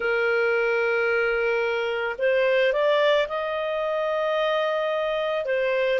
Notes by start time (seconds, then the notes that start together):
0.00 A#4
2.18 C5
2.72 D5
3.28 D#5
5.45 C5